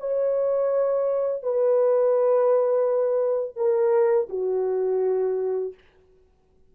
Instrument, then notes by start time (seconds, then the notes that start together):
horn
0.00 C#5
1.43 B4
3.57 A#4
4.29 F#4